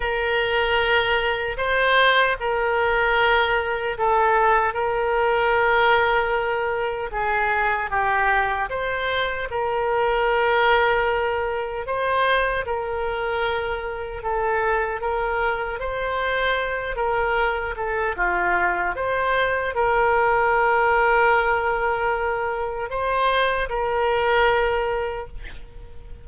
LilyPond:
\new Staff \with { instrumentName = "oboe" } { \time 4/4 \tempo 4 = 76 ais'2 c''4 ais'4~ | ais'4 a'4 ais'2~ | ais'4 gis'4 g'4 c''4 | ais'2. c''4 |
ais'2 a'4 ais'4 | c''4. ais'4 a'8 f'4 | c''4 ais'2.~ | ais'4 c''4 ais'2 | }